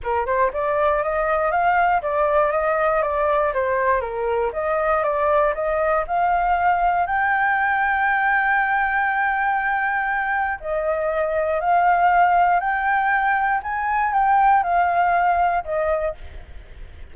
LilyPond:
\new Staff \with { instrumentName = "flute" } { \time 4/4 \tempo 4 = 119 ais'8 c''8 d''4 dis''4 f''4 | d''4 dis''4 d''4 c''4 | ais'4 dis''4 d''4 dis''4 | f''2 g''2~ |
g''1~ | g''4 dis''2 f''4~ | f''4 g''2 gis''4 | g''4 f''2 dis''4 | }